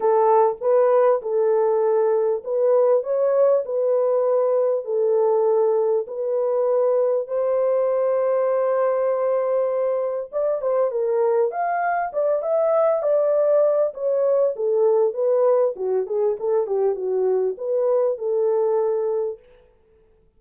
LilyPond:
\new Staff \with { instrumentName = "horn" } { \time 4/4 \tempo 4 = 99 a'4 b'4 a'2 | b'4 cis''4 b'2 | a'2 b'2 | c''1~ |
c''4 d''8 c''8 ais'4 f''4 | d''8 e''4 d''4. cis''4 | a'4 b'4 fis'8 gis'8 a'8 g'8 | fis'4 b'4 a'2 | }